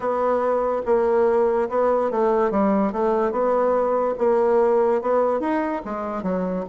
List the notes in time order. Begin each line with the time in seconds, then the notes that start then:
0.00 B3
0.85 A#3
1.69 B3
2.10 A3
2.50 G3
2.92 A3
3.31 B3
4.18 A#3
5.01 B3
5.40 D#4
5.84 G#3
6.22 F#3